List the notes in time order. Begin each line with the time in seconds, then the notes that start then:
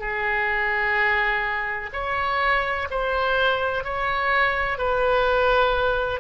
0.00 G#4
1.93 C#5
2.90 C5
3.84 C#5
4.78 B4